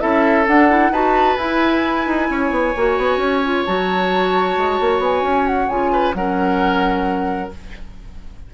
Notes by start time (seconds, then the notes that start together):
0.00 C#4 E4 A4 E5
0.46 D4 F#5
0.69 E4
0.90 D#4 F#4 B4 A5
1.37 E4 G#5
2.07 D#4
2.30 C#4 C#5
2.51 B3
2.77 A#3 F#4
2.98 B3
3.17 C#4
3.45 F4
3.65 F#3 F#4 A5
4.57 G#3
4.80 A#3
4.99 B3 G#5
5.22 C#4
5.47 F#5
5.69 C#3 F4 G#5
5.92 B4
6.14 F#3 C#4 A#4 F#5